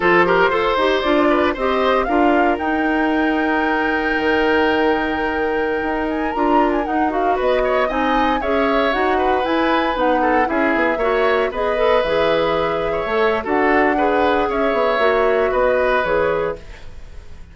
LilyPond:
<<
  \new Staff \with { instrumentName = "flute" } { \time 4/4 \tempo 4 = 116 c''2 d''4 dis''4 | f''4 g''2.~ | g''2.~ g''8. gis''16~ | gis''16 ais''8. gis''16 fis''8 f''8 dis''4 gis''8.~ |
gis''16 e''4 fis''4 gis''4 fis''8.~ | fis''16 e''2 dis''4 e''8.~ | e''2 fis''2 | e''2 dis''4 cis''4 | }
  \new Staff \with { instrumentName = "oboe" } { \time 4/4 a'8 ais'8 c''4. b'8 c''4 | ais'1~ | ais'1~ | ais'2~ ais'16 b'8 cis''8 dis''8.~ |
dis''16 cis''4. b'2 a'16~ | a'16 gis'4 cis''4 b'4.~ b'16~ | b'4 cis''4 a'4 b'4 | cis''2 b'2 | }
  \new Staff \with { instrumentName = "clarinet" } { \time 4/4 f'8 g'8 a'8 g'8 f'4 g'4 | f'4 dis'2.~ | dis'1~ | dis'16 f'4 dis'8 fis'4. dis'8.~ |
dis'16 gis'4 fis'4 e'4 dis'8.~ | dis'16 e'4 fis'4 gis'8 a'8 gis'8.~ | gis'4~ gis'16 a'8. fis'4 gis'4~ | gis'4 fis'2 gis'4 | }
  \new Staff \with { instrumentName = "bassoon" } { \time 4/4 f4 f'8 dis'8 d'4 c'4 | d'4 dis'2. | dis2.~ dis16 dis'8.~ | dis'16 d'4 dis'4 b4 c'8.~ |
c'16 cis'4 dis'4 e'4 b8.~ | b16 cis'8 b8 ais4 b4 e8.~ | e4~ e16 a8. d'2 | cis'8 b8 ais4 b4 e4 | }
>>